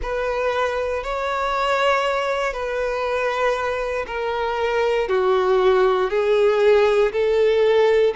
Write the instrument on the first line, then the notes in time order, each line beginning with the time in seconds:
violin
0.01 B4
1.03 C#5
2.53 B4
4.07 A#4
5.08 F#4
6.10 G#4
7.12 A4